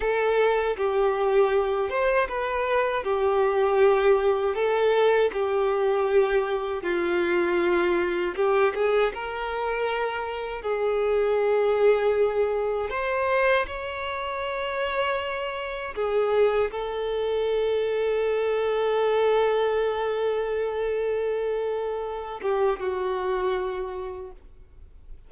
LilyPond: \new Staff \with { instrumentName = "violin" } { \time 4/4 \tempo 4 = 79 a'4 g'4. c''8 b'4 | g'2 a'4 g'4~ | g'4 f'2 g'8 gis'8 | ais'2 gis'2~ |
gis'4 c''4 cis''2~ | cis''4 gis'4 a'2~ | a'1~ | a'4. g'8 fis'2 | }